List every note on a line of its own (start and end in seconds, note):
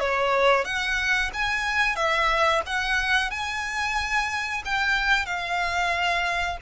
0.00 0.65 C#5
0.65 1.31 F#5
1.33 1.96 G#5
1.96 2.62 E5
2.66 3.31 F#5
3.31 4.62 G#5
4.65 5.26 G5
5.26 6.58 F5